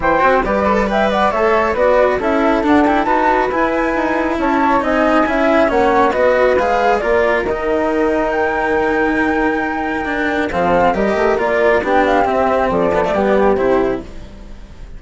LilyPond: <<
  \new Staff \with { instrumentName = "flute" } { \time 4/4 \tempo 4 = 137 g''4 d''4 g''8 fis''8 e''4 | d''4 e''4 fis''8 g''8 a''4 | gis''2 a''4 gis''4~ | gis''4 fis''4 dis''4 f''4 |
d''4 dis''2 g''4~ | g''1 | f''4 dis''4 d''4 g''8 f''8 | e''4 d''2 c''4 | }
  \new Staff \with { instrumentName = "flute" } { \time 4/4 c''4 b'4 e''8 d''8 cis''4 | b'4 a'2 b'4~ | b'2 cis''4 dis''4 | e''4 cis''4 b'2 |
ais'1~ | ais'1 | a'4 ais'2 g'4~ | g'4 a'4 g'2 | }
  \new Staff \with { instrumentName = "cello" } { \time 4/4 e'8 fis'8 g'8 a'8 b'4 a'4 | fis'4 e'4 d'8 e'8 fis'4 | e'2. dis'4 | e'4 cis'4 fis'4 gis'4 |
f'4 dis'2.~ | dis'2. d'4 | c'4 g'4 f'4 d'4 | c'4. b16 a16 b4 e'4 | }
  \new Staff \with { instrumentName = "bassoon" } { \time 4/4 e8 c'8 g2 a4 | b4 cis'4 d'4 dis'4 | e'4 dis'4 cis'4 c'4 | cis'4 ais4 b4 gis4 |
ais4 dis2.~ | dis1 | f4 g8 a8 ais4 b4 | c'4 f4 g4 c4 | }
>>